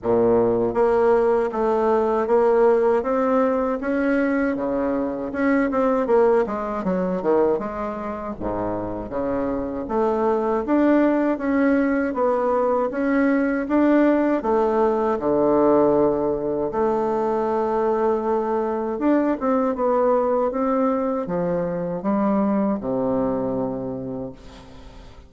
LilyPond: \new Staff \with { instrumentName = "bassoon" } { \time 4/4 \tempo 4 = 79 ais,4 ais4 a4 ais4 | c'4 cis'4 cis4 cis'8 c'8 | ais8 gis8 fis8 dis8 gis4 gis,4 | cis4 a4 d'4 cis'4 |
b4 cis'4 d'4 a4 | d2 a2~ | a4 d'8 c'8 b4 c'4 | f4 g4 c2 | }